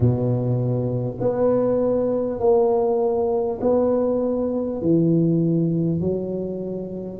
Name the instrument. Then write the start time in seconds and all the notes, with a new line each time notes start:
tuba
0.00 B2
1.20 B3
2.39 A#3
3.61 B3
4.81 E3
6.00 F#3